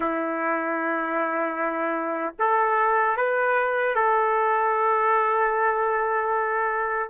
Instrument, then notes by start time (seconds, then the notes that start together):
trumpet
0.00 E4
2.39 A4
3.17 B4
3.95 A4